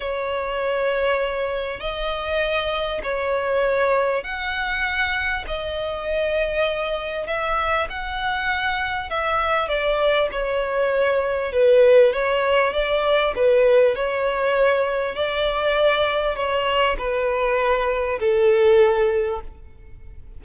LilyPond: \new Staff \with { instrumentName = "violin" } { \time 4/4 \tempo 4 = 99 cis''2. dis''4~ | dis''4 cis''2 fis''4~ | fis''4 dis''2. | e''4 fis''2 e''4 |
d''4 cis''2 b'4 | cis''4 d''4 b'4 cis''4~ | cis''4 d''2 cis''4 | b'2 a'2 | }